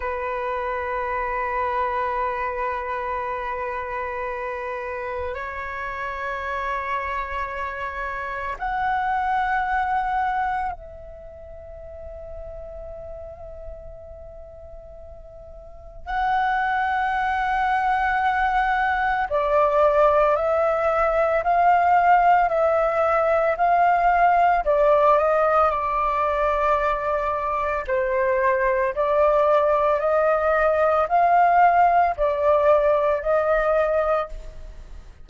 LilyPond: \new Staff \with { instrumentName = "flute" } { \time 4/4 \tempo 4 = 56 b'1~ | b'4 cis''2. | fis''2 e''2~ | e''2. fis''4~ |
fis''2 d''4 e''4 | f''4 e''4 f''4 d''8 dis''8 | d''2 c''4 d''4 | dis''4 f''4 d''4 dis''4 | }